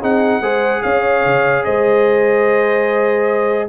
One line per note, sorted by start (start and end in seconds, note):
0.00 0.41 C4
0.00 0.42 D#4
0.00 0.41 G#4
0.00 0.82 F#5
0.41 0.81 G#3
0.41 3.68 G#4
0.41 0.82 C5
0.82 1.25 C#4
0.82 1.65 C#5
0.82 1.63 F5
1.25 1.66 C#3
1.64 3.69 G#3
1.64 3.69 C5
1.64 3.68 D#5